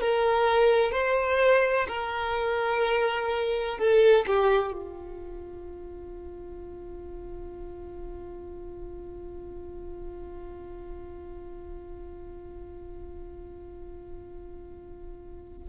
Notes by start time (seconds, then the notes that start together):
0.00 A#4
0.91 C5
1.88 A#4
3.78 A4
4.26 G4
4.73 F4